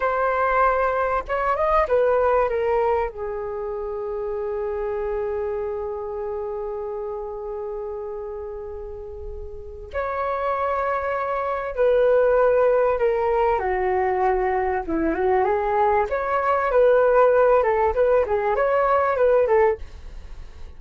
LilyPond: \new Staff \with { instrumentName = "flute" } { \time 4/4 \tempo 4 = 97 c''2 cis''8 dis''8 b'4 | ais'4 gis'2.~ | gis'1~ | gis'1 |
cis''2. b'4~ | b'4 ais'4 fis'2 | e'8 fis'8 gis'4 cis''4 b'4~ | b'8 a'8 b'8 gis'8 cis''4 b'8 a'8 | }